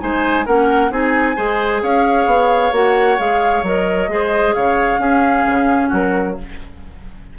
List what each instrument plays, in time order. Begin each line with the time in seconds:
0.00 bassoon G#3, clarinet D#4, oboe C5, flute G#5
0.46 bassoon A#3, clarinet C#4, oboe A#4, flute F#5
0.91 bassoon C4, clarinet D#4, oboe G#4, flute G#5
1.37 bassoon G#3, clarinet G#4, oboe C5
1.83 bassoon C#4, oboe C#5, flute F5
2.27 bassoon B3
2.73 bassoon A#3, clarinet F#4, flute F#5
3.18 bassoon G#3, clarinet G#4, flute F5
3.63 bassoon F#3, clarinet A#4, flute D#5
4.08 bassoon G#3, clarinet G#4, oboe C5
4.54 bassoon C#3, oboe C#5, flute F5
4.99 bassoon C#4, clarinet C#4, oboe G#4
5.47 bassoon C#3
5.89 bassoon F#3, oboe F#4, flute A#4